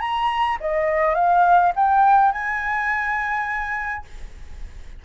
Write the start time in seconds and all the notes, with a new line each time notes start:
0.00 A#5
0.60 D#5
1.15 F5
1.75 G5
2.32 G#5